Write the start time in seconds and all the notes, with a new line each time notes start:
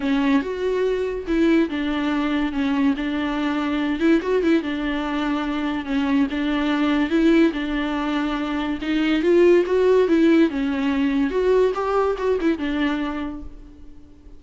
0.00 C#4
0.42 F#4
1.27 E4
1.69 D4
2.52 C#4
2.96 D4
3.99 E4
4.21 F#4
4.42 E4
4.62 D4
5.85 C#4
6.30 D4
7.10 E4
7.52 D4
8.81 D#4
9.22 F4
9.66 F#4
10.08 E4
10.50 C#4
11.30 F#4
11.74 G4
12.18 F#4
12.40 E4
12.58 D4